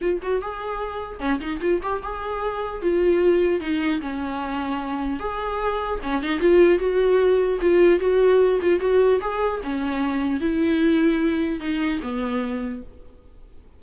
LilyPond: \new Staff \with { instrumentName = "viola" } { \time 4/4 \tempo 4 = 150 f'8 fis'8 gis'2 cis'8 dis'8 | f'8 g'8 gis'2 f'4~ | f'4 dis'4 cis'2~ | cis'4 gis'2 cis'8 dis'8 |
f'4 fis'2 f'4 | fis'4. f'8 fis'4 gis'4 | cis'2 e'2~ | e'4 dis'4 b2 | }